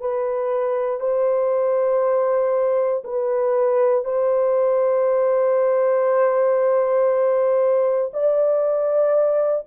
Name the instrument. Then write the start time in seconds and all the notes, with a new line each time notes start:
horn
0.00 B4
1.00 C5
3.04 B4
4.04 C5
8.13 D5